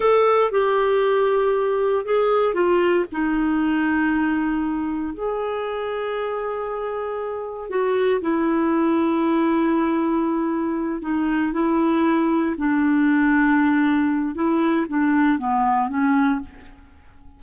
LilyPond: \new Staff \with { instrumentName = "clarinet" } { \time 4/4 \tempo 4 = 117 a'4 g'2. | gis'4 f'4 dis'2~ | dis'2 gis'2~ | gis'2. fis'4 |
e'1~ | e'4. dis'4 e'4.~ | e'8 d'2.~ d'8 | e'4 d'4 b4 cis'4 | }